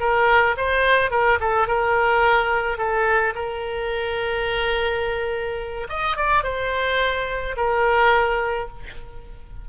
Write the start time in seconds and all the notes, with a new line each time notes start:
0.00 A#4
0.57 C5
1.11 A#4
1.40 A4
1.67 A#4
2.78 A4
3.35 A#4
5.89 D#5
6.17 D5
6.44 C5
7.57 A#4